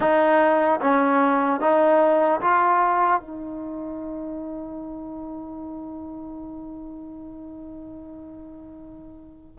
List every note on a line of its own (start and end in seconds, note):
0.00 0.80 D#4
0.80 1.60 C#4
1.60 2.40 D#4
2.40 3.20 F4
3.20 9.58 D#4